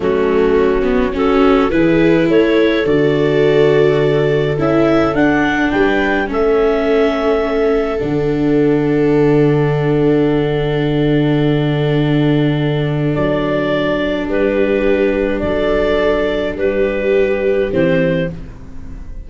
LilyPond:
<<
  \new Staff \with { instrumentName = "clarinet" } { \time 4/4 \tempo 4 = 105 fis'2 a'4 b'4 | cis''4 d''2. | e''4 fis''4 g''4 e''4~ | e''2 fis''2~ |
fis''1~ | fis''2. d''4~ | d''4 b'2 d''4~ | d''4 b'2 c''4 | }
  \new Staff \with { instrumentName = "viola" } { \time 4/4 cis'2 fis'4 gis'4 | a'1~ | a'2 b'4 a'4~ | a'1~ |
a'1~ | a'1~ | a'4 g'2 a'4~ | a'4 g'2. | }
  \new Staff \with { instrumentName = "viola" } { \time 4/4 a4. b8 cis'4 e'4~ | e'4 fis'2. | e'4 d'2 cis'4~ | cis'2 d'2~ |
d'1~ | d'1~ | d'1~ | d'2. c'4 | }
  \new Staff \with { instrumentName = "tuba" } { \time 4/4 fis2. e4 | a4 d2. | cis'4 d'4 g4 a4~ | a2 d2~ |
d1~ | d2. fis4~ | fis4 g2 fis4~ | fis4 g2 e4 | }
>>